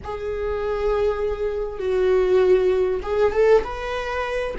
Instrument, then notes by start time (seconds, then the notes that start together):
viola
0.03 G#4
1.79 F#4
3.02 G#4
3.32 A4
3.64 B4